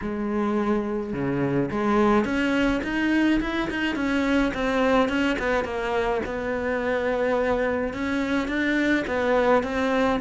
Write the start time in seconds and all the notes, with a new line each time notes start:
0.01 G#3
1.13 C#3
1.71 G#3
2.24 C#4
2.83 D#4
3.40 E4
3.69 D#4
3.95 C#4
4.54 C4
5.08 C#4
5.39 B3
5.64 A#3
6.25 B3
7.93 C#4
8.48 D4
9.07 B3
9.63 C4